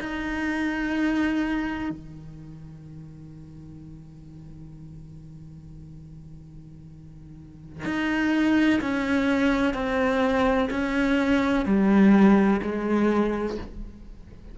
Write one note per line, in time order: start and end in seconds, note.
0.00 1.90 D#4
1.90 7.85 D#3
7.85 8.81 D#4
8.81 9.74 C#4
9.74 10.69 C4
10.70 11.65 C#4
11.65 12.61 G3
12.62 13.58 G#3